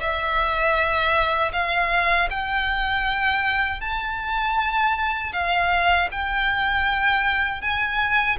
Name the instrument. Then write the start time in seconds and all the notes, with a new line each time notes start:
violin
0.00 E5
1.53 F5
2.30 G5
3.80 A5
5.33 F5
6.11 G5
7.61 G#5